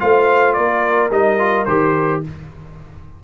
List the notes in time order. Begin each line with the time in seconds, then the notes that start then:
0.00 A3 F4 C5 F5
0.54 A#3 A#4 D5
1.11 G3 D#4 D#5
1.39 F4
1.66 D#3 G4 C5